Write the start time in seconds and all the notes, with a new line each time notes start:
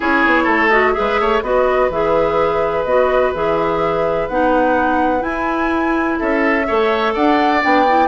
0.00 C#4 E4 G#4 C#5
0.25 B3
0.43 A3 A4
0.70 F#4 D#5
0.93 G#4 B4 E5
0.99 G#3
1.20 A3 C#5
1.42 B3 F#4 B4 D#5
1.89 E3 G#4 E5
2.84 B3 F#4 D#5
3.34 E3 G#4 E5
4.28 B3 D#4 F#5
5.19 E4 G#5
6.18 C#4 A4 E5
6.67 A3 A4 C#5
7.13 D4 D5 F#5
7.61 B3 D4 G5
7.87 E4